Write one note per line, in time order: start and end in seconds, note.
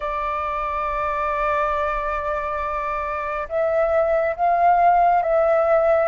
0.00 3.48 D5
3.48 4.35 E5
4.36 5.22 F5
5.22 6.08 E5